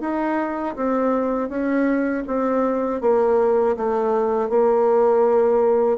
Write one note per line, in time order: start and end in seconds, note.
0.00 0.75 D#4
0.76 1.49 C4
1.49 2.24 C#4
2.27 3.01 C4
3.01 3.76 A#3
3.77 4.49 A3
4.49 5.98 A#3